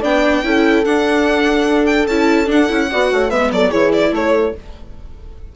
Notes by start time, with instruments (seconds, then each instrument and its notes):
0.00 bassoon B3, viola D4, horn D5, violin G5
0.43 bassoon C#4, viola E4, horn A4
0.85 viola D4, bassoon D4, violin F#5
1.86 violin G5
2.07 bassoon C#4, viola E4, violin A5
2.46 viola D4, bassoon D4, violin F#5
2.68 bassoon C#4, viola E4
2.91 bassoon B3, viola F#4, horn D5
3.12 bassoon A3, horn C#5
3.30 bassoon G#3, viola B3, horn B4, violin E5
3.51 bassoon F#3, horn A4, violin D5
3.69 bassoon E3, viola E4, horn G#4, violin C#5
3.93 violin D5
4.11 bassoon A3, horn A4, violin C#5